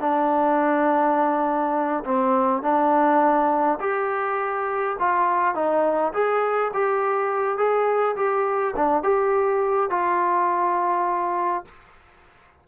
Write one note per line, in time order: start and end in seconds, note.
0.00 2.04 D4
2.05 2.63 C4
2.63 3.79 D4
3.80 4.97 G4
4.99 5.55 F4
5.55 6.13 D#4
6.14 6.72 G#4
6.74 7.58 G4
7.58 8.16 G#4
8.16 8.75 G4
8.76 9.03 D4
9.03 9.90 G4
9.90 11.65 F4